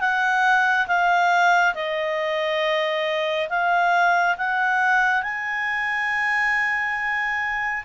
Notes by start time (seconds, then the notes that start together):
0.00 F#5
0.87 F5
1.75 D#5
3.49 F5
4.37 F#5
5.23 G#5